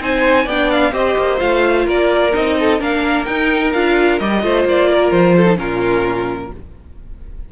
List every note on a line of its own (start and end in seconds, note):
0.00 0.46 C4
0.00 0.47 D#4
0.00 0.45 C5
0.00 0.49 G#5
0.45 0.93 B3
0.45 0.92 D4
0.45 0.91 D5
0.45 0.71 G5
0.71 0.94 F5
0.92 1.16 C4
0.92 1.38 G4
0.92 1.86 C5
0.92 1.40 D#5
1.18 1.41 A#3
1.38 1.87 A3
1.38 2.31 F4
1.38 1.87 F5
1.86 2.33 A#3
1.86 2.56 A#4
1.86 2.35 D5
2.33 2.81 C4
2.33 2.79 D#4
2.33 2.81 D#5
2.59 2.80 A4
2.79 3.27 A#3
2.79 3.25 D4
2.79 4.43 A#4
2.79 3.25 F5
3.25 3.73 D#4
3.25 3.74 D#4
3.25 3.71 G5
3.73 4.20 D4
3.73 4.20 F4
3.73 4.19 F5
4.19 4.43 G3
4.19 4.42 G4
4.19 4.66 D#5
4.42 4.65 A3
4.42 5.46 F4
4.42 4.90 C5
4.65 5.11 A#3
4.65 5.11 D5
4.90 5.36 A#4
5.11 5.58 F3
5.11 5.57 C5
5.37 5.59 A4
5.46 5.56 D#4
5.56 6.51 A#2
5.56 6.49 C#4
5.56 6.52 F4
5.56 6.52 A#4